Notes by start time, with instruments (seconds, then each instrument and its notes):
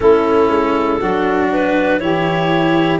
0.00 tuba A3, cello C#4, saxophone E4, clarinet A4
0.49 tuba G#3
0.99 tuba F#3, cello D4, saxophone F#4
1.52 clarinet B4
1.99 tuba E3, cello E4, saxophone G4, clarinet C#5